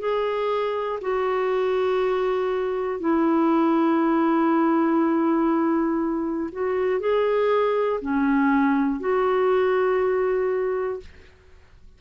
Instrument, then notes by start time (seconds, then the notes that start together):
clarinet
0.00 G#4
1.02 F#4
3.01 E4
6.52 F#4
7.00 G#4
8.01 C#4
9.00 F#4